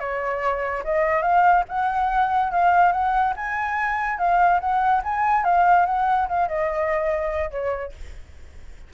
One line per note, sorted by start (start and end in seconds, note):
0.00 0.83 C#5
0.85 1.23 D#5
1.23 1.64 F5
1.69 2.52 F#5
2.52 2.92 F5
2.92 3.34 F#5
3.37 4.18 G#5
4.18 4.60 F5
4.61 5.02 F#5
5.04 5.45 G#5
5.45 5.86 F5
5.86 6.28 F#5
6.28 6.48 F5
6.48 7.51 D#5
7.51 7.92 C#5